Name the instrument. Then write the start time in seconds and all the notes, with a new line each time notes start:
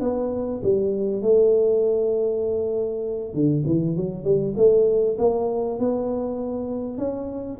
tuba
0.00 B3
0.63 G3
1.21 A3
3.33 D3
3.66 E3
3.96 F#3
4.24 G3
4.56 A3
5.18 A#3
5.79 B3
6.98 C#4